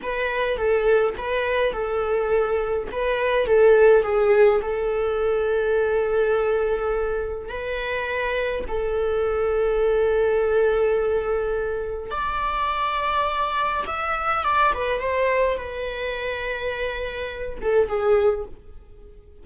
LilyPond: \new Staff \with { instrumentName = "viola" } { \time 4/4 \tempo 4 = 104 b'4 a'4 b'4 a'4~ | a'4 b'4 a'4 gis'4 | a'1~ | a'4 b'2 a'4~ |
a'1~ | a'4 d''2. | e''4 d''8 b'8 c''4 b'4~ | b'2~ b'8 a'8 gis'4 | }